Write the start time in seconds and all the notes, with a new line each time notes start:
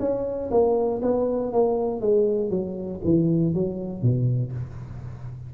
0.00 C#4
0.51 A#3
1.02 B3
1.53 A#3
2.01 G#3
2.50 F#3
3.04 E3
3.54 F#3
4.02 B2